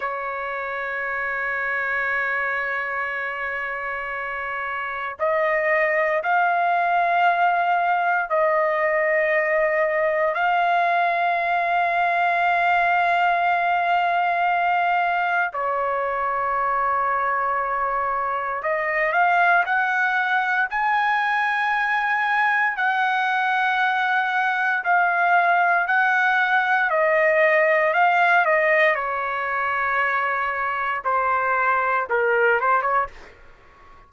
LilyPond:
\new Staff \with { instrumentName = "trumpet" } { \time 4/4 \tempo 4 = 58 cis''1~ | cis''4 dis''4 f''2 | dis''2 f''2~ | f''2. cis''4~ |
cis''2 dis''8 f''8 fis''4 | gis''2 fis''2 | f''4 fis''4 dis''4 f''8 dis''8 | cis''2 c''4 ais'8 c''16 cis''16 | }